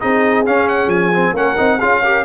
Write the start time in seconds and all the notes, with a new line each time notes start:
0.00 C4 D#4 G#4 D#5
0.46 C#4 F5
0.69 F#5
0.87 F3 G#5
1.14 C4
1.33 A#3 C#4 A#4 F#5
1.57 C4 D#4
1.79 C#4 F4 G#4 F5
2.03 G4 A#4